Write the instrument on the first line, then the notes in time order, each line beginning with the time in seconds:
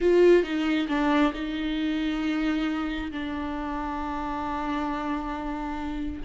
viola
0.00 F4
0.43 D#4
0.88 D4
1.33 D#4
3.11 D4